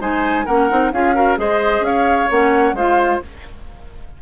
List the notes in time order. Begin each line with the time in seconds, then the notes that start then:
0.00 G#3 D#4 C5 G#5
0.46 A#3 C#4 A#4 F#5
0.70 C4 D#4
0.93 C#4 F4 G#4 F5
1.15 F#4 A#4
1.37 G#3 G#4 C5 D#5
1.81 C#4 C#5 F5
2.30 A#3 C#4 F#5
2.73 G#3 F4 C5 F5